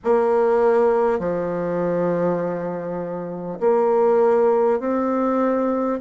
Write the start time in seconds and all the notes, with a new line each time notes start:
0.03 A#3
1.19 F3
3.60 A#3
4.79 C4